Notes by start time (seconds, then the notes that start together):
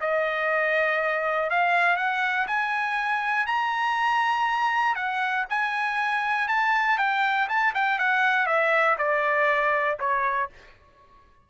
0.00 D#5
1.50 F5
1.96 F#5
2.47 G#5
3.46 A#5
4.95 F#5
5.49 G#5
6.48 A5
6.98 G5
7.48 A5
7.74 G5
7.98 F#5
8.46 E5
8.97 D5
9.99 C#5